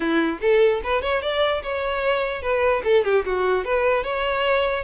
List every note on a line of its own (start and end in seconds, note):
0.00 0.39 E4
0.41 0.81 A4
0.83 1.02 B4
1.02 1.22 C#5
1.22 1.62 D5
1.62 2.42 C#5
2.42 2.82 B4
2.84 3.04 A4
3.04 3.24 G4
3.25 3.64 F#4
3.64 4.03 B4
4.03 4.84 C#5